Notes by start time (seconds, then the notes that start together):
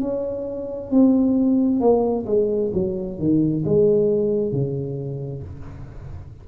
0.00 C#4
0.90 C4
1.80 A#3
2.26 G#3
2.73 F#3
3.18 D#3
3.64 G#3
4.52 C#3